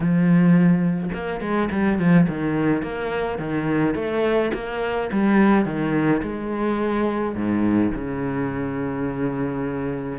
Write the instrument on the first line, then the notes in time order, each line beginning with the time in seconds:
cello
0.00 F3
1.14 A#3
1.40 G#3
1.71 G3
1.98 F3
2.28 D#3
2.82 A#3
3.38 D#3
3.95 A3
4.53 A#3
5.12 G3
5.64 D#3
6.22 G#3
7.35 G#2
7.94 C#3